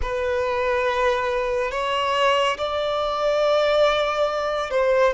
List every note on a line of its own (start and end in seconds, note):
0.02 1.71 B4
1.71 2.57 C#5
2.57 4.70 D5
4.70 5.13 C5